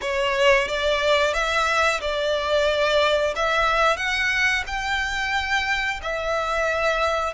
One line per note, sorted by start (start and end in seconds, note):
0.01 0.68 C#5
0.68 1.33 D5
1.33 2.00 E5
2.01 3.34 D5
3.35 3.97 E5
3.97 4.63 F#5
4.67 6.00 G5
6.02 7.33 E5